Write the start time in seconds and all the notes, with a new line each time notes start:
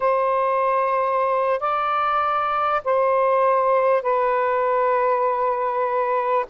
0.00 C5
1.60 D5
2.84 C5
4.02 B4